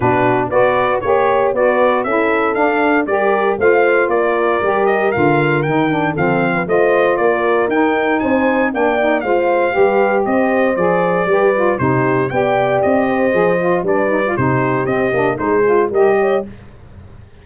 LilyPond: <<
  \new Staff \with { instrumentName = "trumpet" } { \time 4/4 \tempo 4 = 117 b'4 d''4 cis''4 d''4 | e''4 f''4 d''4 f''4 | d''4. dis''8 f''4 g''4 | f''4 dis''4 d''4 g''4 |
gis''4 g''4 f''2 | dis''4 d''2 c''4 | g''4 dis''2 d''4 | c''4 dis''4 c''4 dis''4 | }
  \new Staff \with { instrumentName = "horn" } { \time 4/4 fis'4 b'4 cis''4 b'4 | a'2 ais'4 c''4 | ais'1 | a'8. b'16 c''4 ais'2 |
c''4 d''4 c''4 b'4 | c''2 b'4 g'4 | d''4. c''4. b'4 | g'2 gis'4 ais'8 cis''8 | }
  \new Staff \with { instrumentName = "saxophone" } { \time 4/4 d'4 fis'4 g'4 fis'4 | e'4 d'4 g'4 f'4~ | f'4 g'4 f'4 dis'8 d'8 | c'4 f'2 dis'4~ |
dis'4 d'8 dis'8 f'4 g'4~ | g'4 gis'4 g'8 f'8 dis'4 | g'2 gis'8 f'8 d'8 dis'16 f'16 | dis'4 c'8 d'8 dis'8 f'8 g'4 | }
  \new Staff \with { instrumentName = "tuba" } { \time 4/4 b,4 b4 ais4 b4 | cis'4 d'4 g4 a4 | ais4 g4 d4 dis4 | f4 a4 ais4 dis'4 |
c'4 ais4 gis4 g4 | c'4 f4 g4 c4 | b4 c'4 f4 g4 | c4 c'8 ais8 gis4 g4 | }
>>